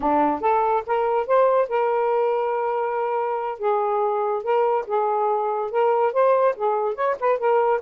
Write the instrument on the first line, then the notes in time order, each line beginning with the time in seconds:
saxophone
0.00 D4
0.40 A4
0.86 A#4
1.26 C5
1.69 A#4
3.59 G#4
4.43 A#4
4.86 G#4
5.71 A#4
6.12 C5
6.56 G#4
6.94 C#5
7.20 B4
7.38 A#4